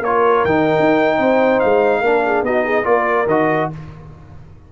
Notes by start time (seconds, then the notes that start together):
0.00 A#3 A#4 C#5
0.06 F4
0.45 D#3 D#4 G5
0.79 D#4
1.17 C4 C5
1.60 G#3 F5
2.01 A#3 D4 A#4
2.25 G#4
2.42 B3 D#4 F#4 D#5
2.65 G#4
2.84 A#3 F4 A#4 D5
3.26 D#3 F#4 D#5